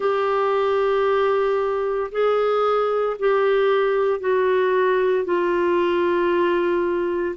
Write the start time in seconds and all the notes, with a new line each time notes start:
0.00 G4
2.11 G#4
3.19 G4
4.20 F#4
5.24 F4